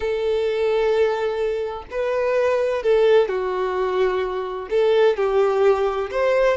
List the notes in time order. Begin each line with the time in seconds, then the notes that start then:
0.00 A4
1.90 B4
2.83 A4
3.28 F#4
4.69 A4
5.16 G4
6.10 C5